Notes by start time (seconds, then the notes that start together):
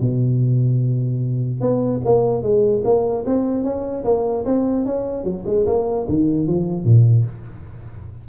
0.00 B2
1.60 B3
2.04 A#3
2.42 G#3
2.84 A#3
3.26 C4
3.63 C#4
4.04 A#3
4.45 C4
4.85 C#4
5.23 F#3
5.46 G#3
5.66 A#3
6.08 D#3
6.47 F3
6.84 A#2